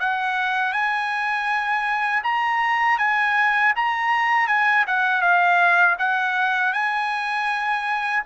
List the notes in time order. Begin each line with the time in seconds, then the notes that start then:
0.00 F#5
0.73 G#5
2.24 A#5
2.99 G#5
3.76 A#5
4.48 G#5
4.88 F#5
5.22 F5
5.99 F#5
6.73 G#5